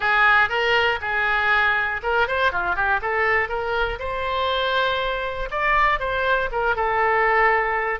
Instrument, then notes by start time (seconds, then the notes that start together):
oboe
0.00 G#4
0.49 A#4
1.01 G#4
2.02 A#4
2.27 C5
2.52 F4
2.75 G4
3.01 A4
3.48 A#4
3.99 C5
5.50 D5
5.99 C5
6.51 A#4
6.75 A4